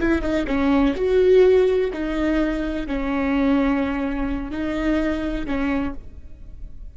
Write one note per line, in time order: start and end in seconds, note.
0.00 0.22 E4
0.22 0.46 D#4
0.47 0.95 C#4
0.96 1.91 F#4
1.93 2.87 D#4
2.87 4.51 C#4
4.51 5.46 D#4
5.46 5.94 C#4